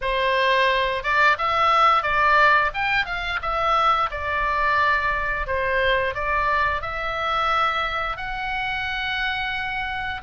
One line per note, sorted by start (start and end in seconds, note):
0.01 1.03 C5
1.03 1.37 D5
1.38 2.03 E5
2.03 2.71 D5
2.74 3.05 G5
3.05 3.39 F5
3.42 4.10 E5
4.10 5.46 D5
5.46 6.14 C5
6.14 6.82 D5
6.82 8.16 E5
8.16 10.21 F#5